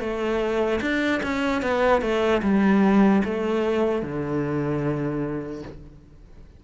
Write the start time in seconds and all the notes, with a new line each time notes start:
0.00 A3
0.81 D4
1.23 C#4
1.62 B3
2.01 A3
2.42 G3
3.24 A3
4.02 D3